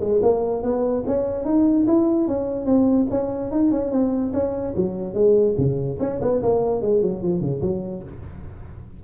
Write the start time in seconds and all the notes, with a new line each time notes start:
0.00 G#3
0.22 A#3
0.62 B3
1.06 C#4
1.45 D#4
1.86 E4
2.27 C#4
2.65 C4
3.10 C#4
3.51 D#4
3.71 C#4
3.91 C4
4.33 C#4
4.76 F#3
5.14 G#3
5.57 C#3
5.99 C#4
6.21 B3
6.42 A#3
6.81 G#3
7.02 F#3
7.22 F3
7.40 C#3
7.61 F#3